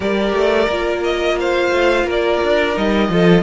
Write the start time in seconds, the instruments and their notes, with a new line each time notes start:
0.00 cello G3, viola G4, violin A#4 D5
0.33 cello A3
0.68 cello A#3, viola F4
1.03 violin D#5
1.39 violin C5 F5
1.72 cello A3
2.03 cello A#3, violin A#4
2.10 violin D5
2.43 cello D4
2.74 cello G3, viola D#4, violin D#5
3.08 cello F3, viola F4, violin A4